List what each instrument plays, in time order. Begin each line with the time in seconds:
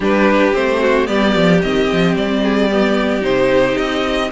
0.00 cello G3, viola D4, violin G4 B4
0.53 cello A3, viola C4, violin C5
0.80 violin F#4
1.05 cello G3, viola B3, violin G4 D5
1.36 cello F3
1.61 cello D#3, viola C4, violin D#5
1.92 cello F3
2.16 cello G3, violin D5
2.42 violin G#4
2.69 viola B3, violin G4
3.21 cello C3, viola D#4, violin C5
3.77 cello C4, violin D#5